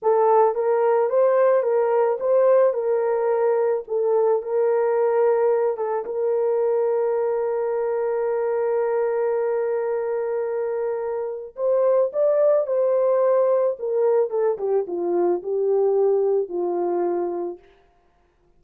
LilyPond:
\new Staff \with { instrumentName = "horn" } { \time 4/4 \tempo 4 = 109 a'4 ais'4 c''4 ais'4 | c''4 ais'2 a'4 | ais'2~ ais'8 a'8 ais'4~ | ais'1~ |
ais'1~ | ais'4 c''4 d''4 c''4~ | c''4 ais'4 a'8 g'8 f'4 | g'2 f'2 | }